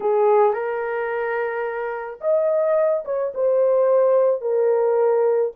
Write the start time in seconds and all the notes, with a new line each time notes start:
0.00 G#4
0.53 A#4
2.20 D#5
3.05 C#5
3.34 C5
4.41 A#4